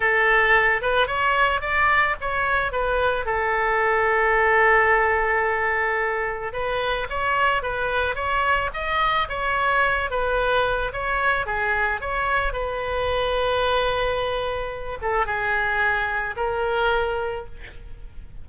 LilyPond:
\new Staff \with { instrumentName = "oboe" } { \time 4/4 \tempo 4 = 110 a'4. b'8 cis''4 d''4 | cis''4 b'4 a'2~ | a'1 | b'4 cis''4 b'4 cis''4 |
dis''4 cis''4. b'4. | cis''4 gis'4 cis''4 b'4~ | b'2.~ b'8 a'8 | gis'2 ais'2 | }